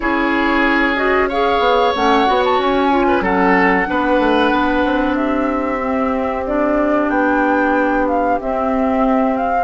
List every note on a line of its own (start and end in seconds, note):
0.00 1.59 C#4
0.00 0.96 E4
0.00 1.28 G#4
0.00 0.95 C#5
0.95 1.28 F#4
0.95 1.28 D#5
1.28 1.95 G#4
1.28 3.06 C#5
1.28 1.94 F5
1.59 1.91 B3
1.94 2.27 A3
1.94 2.26 C#4
1.94 2.43 F#5
2.26 2.58 B3
2.26 2.90 F#4
2.44 2.60 A5
2.58 3.20 C#4
2.58 3.23 G#5
2.90 3.22 F4
3.07 3.22 B4
3.20 3.85 F#3
3.20 3.85 C#4
3.20 3.87 A4
3.20 5.15 F#5
3.85 4.19 B3
3.85 5.78 D4
3.85 5.17 B4
4.19 4.51 A3
4.51 4.83 B3
4.83 7.09 C4
5.15 9.64 G4
5.15 6.44 E5
5.81 6.45 C4
6.46 8.40 D4
6.46 7.10 D5
7.09 8.38 B3
7.09 8.06 G5
8.07 8.39 F5
8.40 9.64 C4
8.40 9.36 E5
9.36 9.64 F5